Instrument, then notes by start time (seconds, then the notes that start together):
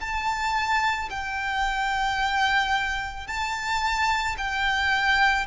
violin
0.00 A5
1.10 G5
3.27 A5
4.37 G5